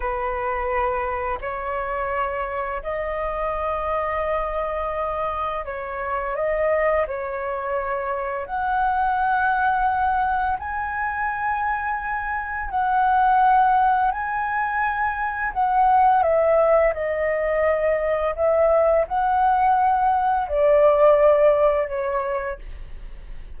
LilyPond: \new Staff \with { instrumentName = "flute" } { \time 4/4 \tempo 4 = 85 b'2 cis''2 | dis''1 | cis''4 dis''4 cis''2 | fis''2. gis''4~ |
gis''2 fis''2 | gis''2 fis''4 e''4 | dis''2 e''4 fis''4~ | fis''4 d''2 cis''4 | }